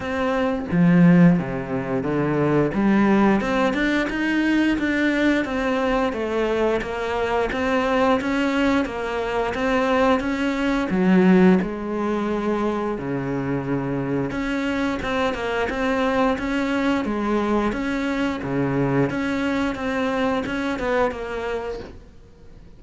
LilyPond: \new Staff \with { instrumentName = "cello" } { \time 4/4 \tempo 4 = 88 c'4 f4 c4 d4 | g4 c'8 d'8 dis'4 d'4 | c'4 a4 ais4 c'4 | cis'4 ais4 c'4 cis'4 |
fis4 gis2 cis4~ | cis4 cis'4 c'8 ais8 c'4 | cis'4 gis4 cis'4 cis4 | cis'4 c'4 cis'8 b8 ais4 | }